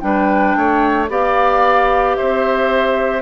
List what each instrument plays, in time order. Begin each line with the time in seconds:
0.00 bassoon G3, clarinet D4, oboe B4, flute G5
0.56 bassoon A3, oboe C#5
1.09 bassoon B3, clarinet G4, oboe D5, flute F5
2.15 bassoon C4, oboe C5, flute E5